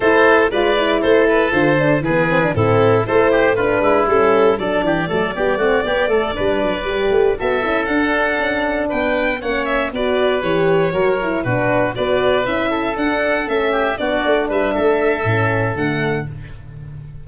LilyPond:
<<
  \new Staff \with { instrumentName = "violin" } { \time 4/4 \tempo 4 = 118 c''4 d''4 c''8 b'8 c''4 | b'4 a'4 c''4 b'4 | a'4 d''2.~ | d''2~ d''8 e''4 fis''8~ |
fis''4. g''4 fis''8 e''8 d''8~ | d''8 cis''2 b'4 d''8~ | d''8 e''4 fis''4 e''4 d''8~ | d''8 e''2~ e''8 fis''4 | }
  \new Staff \with { instrumentName = "oboe" } { \time 4/4 a'4 b'4 a'2 | gis'4 e'4 a'8 g'8 f'8 e'8~ | e'4 a'8 g'8 a'8 g'8 fis'8 g'8 | a'8 b'2 a'4.~ |
a'4. b'4 cis''4 b'8~ | b'4. ais'4 fis'4 b'8~ | b'4 a'2 g'8 fis'8~ | fis'8 b'8 a'2. | }
  \new Staff \with { instrumentName = "horn" } { \time 4/4 e'4 f'8 e'4. f'8 d'8 | b8 c'16 d'16 c'4 e'4 d'4 | cis'4 d'4 a8 b8 c'8 b8 | a8 d'4 g'4 fis'8 e'8 d'8~ |
d'2~ d'8 cis'4 fis'8~ | fis'8 g'4 fis'8 e'8 d'4 fis'8~ | fis'8 e'4 d'4 cis'4 d'8~ | d'2 cis'4 a4 | }
  \new Staff \with { instrumentName = "tuba" } { \time 4/4 a4 gis4 a4 d4 | e4 a,4 a4. gis8 | g4 fis8 e8 fis8 g8 a8 b8 | a8 g8 fis8 g8 a8 b8 cis'8 d'8~ |
d'8 cis'4 b4 ais4 b8~ | b8 e4 fis4 b,4 b8~ | b8 cis'4 d'4 a4 b8 | a8 g8 a4 a,4 d4 | }
>>